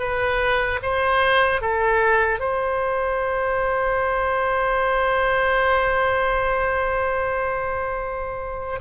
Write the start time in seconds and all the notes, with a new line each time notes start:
0.00 B4
0.83 C5
1.61 A4
2.40 C5